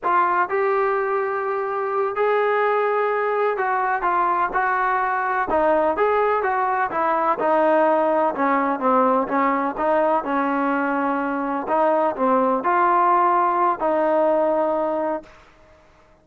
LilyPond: \new Staff \with { instrumentName = "trombone" } { \time 4/4 \tempo 4 = 126 f'4 g'2.~ | g'8 gis'2. fis'8~ | fis'8 f'4 fis'2 dis'8~ | dis'8 gis'4 fis'4 e'4 dis'8~ |
dis'4. cis'4 c'4 cis'8~ | cis'8 dis'4 cis'2~ cis'8~ | cis'8 dis'4 c'4 f'4.~ | f'4 dis'2. | }